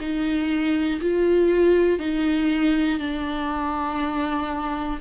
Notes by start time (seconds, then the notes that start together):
0.00 D#4
1.00 F4
1.99 D#4
2.99 D4